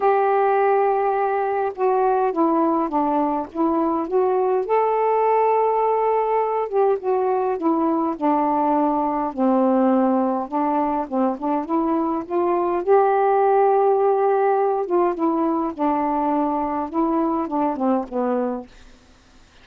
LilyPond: \new Staff \with { instrumentName = "saxophone" } { \time 4/4 \tempo 4 = 103 g'2. fis'4 | e'4 d'4 e'4 fis'4 | a'2.~ a'8 g'8 | fis'4 e'4 d'2 |
c'2 d'4 c'8 d'8 | e'4 f'4 g'2~ | g'4. f'8 e'4 d'4~ | d'4 e'4 d'8 c'8 b4 | }